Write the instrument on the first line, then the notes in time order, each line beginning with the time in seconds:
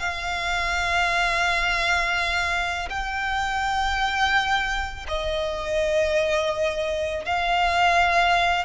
violin
0.00 F5
2.90 G5
5.09 D#5
7.26 F5